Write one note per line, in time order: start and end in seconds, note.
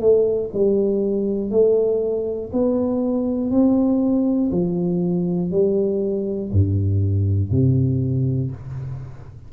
0.00 0.50 A3
0.53 1.51 G3
1.51 2.51 A3
2.52 3.51 B3
3.51 4.51 C4
4.51 5.51 F3
5.51 6.51 G3
6.52 7.51 G2
7.51 8.51 C3